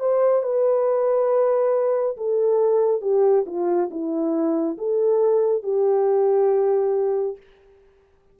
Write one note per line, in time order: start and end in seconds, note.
0.00 0.43 C5
0.43 2.17 B4
2.17 3.01 A4
3.01 3.45 G4
3.46 3.90 F4
3.91 4.77 E4
4.77 5.63 A4
5.63 7.37 G4